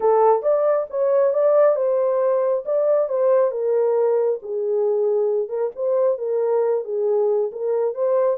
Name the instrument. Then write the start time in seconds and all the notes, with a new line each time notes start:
horn
0.00 A4
0.42 D5
0.90 C#5
1.33 D5
1.75 C5
2.65 D5
3.08 C5
3.51 A#4
4.42 G#4
5.48 A#4
5.75 C5
6.18 A#4
6.84 G#4
7.51 A#4
7.94 C5